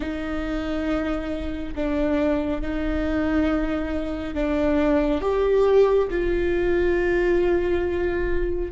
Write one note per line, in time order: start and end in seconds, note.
0.00 1.74 D#4
1.75 2.61 D4
2.61 4.34 D#4
4.34 5.21 D4
5.21 6.08 G4
6.10 8.71 F4